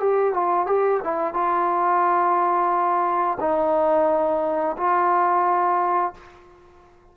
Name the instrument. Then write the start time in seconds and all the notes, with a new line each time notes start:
trombone
0.00 G4
0.34 F4
0.66 G4
1.04 E4
1.34 F4
3.40 D#4
4.77 F4